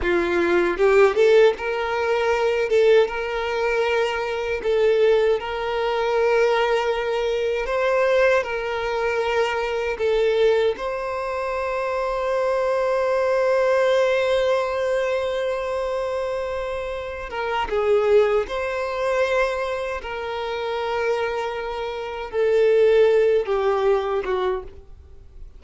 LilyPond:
\new Staff \with { instrumentName = "violin" } { \time 4/4 \tempo 4 = 78 f'4 g'8 a'8 ais'4. a'8 | ais'2 a'4 ais'4~ | ais'2 c''4 ais'4~ | ais'4 a'4 c''2~ |
c''1~ | c''2~ c''8 ais'8 gis'4 | c''2 ais'2~ | ais'4 a'4. g'4 fis'8 | }